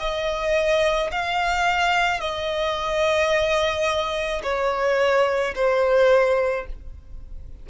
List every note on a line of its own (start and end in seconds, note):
0.00 1.11 D#5
1.12 2.20 F5
2.20 4.42 D#5
4.43 5.55 C#5
5.55 6.66 C5